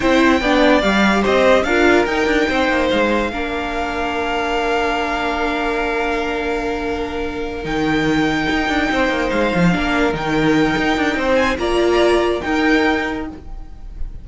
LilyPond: <<
  \new Staff \with { instrumentName = "violin" } { \time 4/4 \tempo 4 = 145 g''2 f''4 dis''4 | f''4 g''2 f''4~ | f''1~ | f''1~ |
f''2~ f''8 g''4.~ | g''2~ g''8 f''4.~ | f''8 g''2. gis''8 | ais''2 g''2 | }
  \new Staff \with { instrumentName = "violin" } { \time 4/4 c''4 d''2 c''4 | ais'2 c''2 | ais'1~ | ais'1~ |
ais'1~ | ais'4. c''2 ais'8~ | ais'2. c''4 | d''2 ais'2 | }
  \new Staff \with { instrumentName = "viola" } { \time 4/4 e'4 d'4 g'2 | f'4 dis'2. | d'1~ | d'1~ |
d'2~ d'8 dis'4.~ | dis'2.~ dis'8 d'8~ | d'8 dis'2.~ dis'8 | f'2 dis'2 | }
  \new Staff \with { instrumentName = "cello" } { \time 4/4 c'4 b4 g4 c'4 | d'4 dis'8 d'8 c'8 ais8 gis4 | ais1~ | ais1~ |
ais2~ ais8 dis4.~ | dis8 dis'8 d'8 c'8 ais8 gis8 f8 ais8~ | ais8 dis4. dis'8 d'8 c'4 | ais2 dis'2 | }
>>